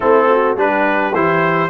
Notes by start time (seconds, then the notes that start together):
0.00 A3 C4 E4 A4
0.29 F#4
0.56 G3 D4 G4 B4
1.12 E3 E4 C5